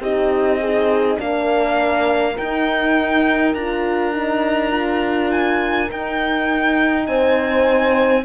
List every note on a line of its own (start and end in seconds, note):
0.00 1.18 C4
0.00 0.60 D#4
0.00 0.60 G4
0.00 1.20 D#5
0.60 1.19 D#4
0.60 1.17 G#4
1.17 2.37 A#3
1.17 2.35 D4
1.17 7.08 A#4
1.17 2.37 F5
2.37 3.56 D#4
2.37 3.54 D#4
2.37 3.54 G5
3.54 5.90 D4
3.54 4.13 F4
3.54 5.31 A#5
4.13 4.71 D#4
4.71 5.89 F4
5.31 5.90 G#5
5.89 8.24 D#4
5.89 7.08 D#4
5.89 7.07 G5
7.07 8.25 C4
7.07 8.25 C5
7.07 8.25 G#5